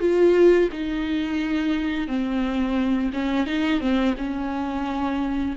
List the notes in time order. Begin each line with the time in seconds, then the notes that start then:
0.00 F4
0.72 D#4
2.08 C4
3.13 C#4
3.47 D#4
3.80 C4
4.18 C#4